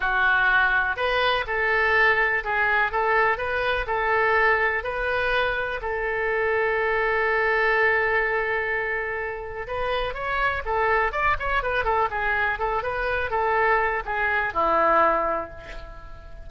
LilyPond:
\new Staff \with { instrumentName = "oboe" } { \time 4/4 \tempo 4 = 124 fis'2 b'4 a'4~ | a'4 gis'4 a'4 b'4 | a'2 b'2 | a'1~ |
a'1 | b'4 cis''4 a'4 d''8 cis''8 | b'8 a'8 gis'4 a'8 b'4 a'8~ | a'4 gis'4 e'2 | }